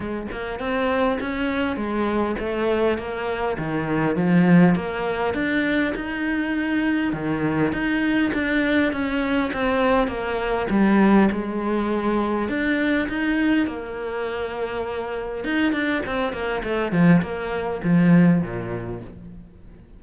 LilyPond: \new Staff \with { instrumentName = "cello" } { \time 4/4 \tempo 4 = 101 gis8 ais8 c'4 cis'4 gis4 | a4 ais4 dis4 f4 | ais4 d'4 dis'2 | dis4 dis'4 d'4 cis'4 |
c'4 ais4 g4 gis4~ | gis4 d'4 dis'4 ais4~ | ais2 dis'8 d'8 c'8 ais8 | a8 f8 ais4 f4 ais,4 | }